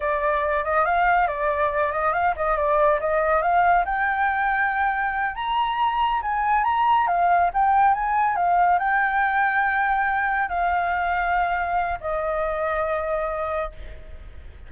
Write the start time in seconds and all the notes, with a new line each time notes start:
0.00 D5
0.64 D#5
0.85 F5
1.27 D5
1.91 D#5
2.13 F5
2.36 D#5
2.57 D5
3.00 D#5
3.41 F5
3.85 G5
5.35 A#5
6.22 G#5
6.64 A#5
7.07 F5
7.53 G5
7.94 G#5
8.36 F5
8.78 G5
10.48 F5
12.00 D#5